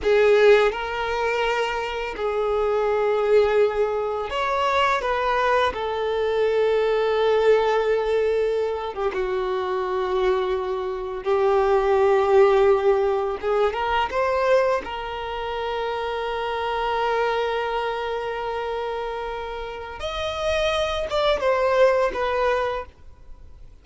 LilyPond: \new Staff \with { instrumentName = "violin" } { \time 4/4 \tempo 4 = 84 gis'4 ais'2 gis'4~ | gis'2 cis''4 b'4 | a'1~ | a'8 g'16 fis'2. g'16~ |
g'2~ g'8. gis'8 ais'8 c''16~ | c''8. ais'2.~ ais'16~ | ais'1 | dis''4. d''8 c''4 b'4 | }